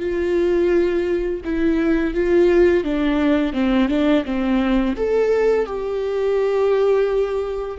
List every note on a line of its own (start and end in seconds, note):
0.00 1.41 F4
1.45 2.15 E4
2.15 2.84 F4
2.84 3.54 D4
3.54 3.89 C4
3.89 4.24 D4
4.25 4.96 C4
4.96 5.66 A4
5.66 7.78 G4